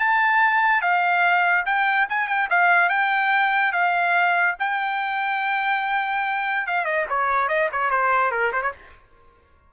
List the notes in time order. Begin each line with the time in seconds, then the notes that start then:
0.00 A5
0.82 F5
1.66 G5
2.10 G#5
2.28 G5
2.51 F5
2.90 G5
3.73 F5
4.60 G5
6.67 F5
6.85 D#5
7.10 C#5
7.49 D#5
7.72 C#5
7.91 C5
8.32 A#4
8.53 C5
8.62 C#5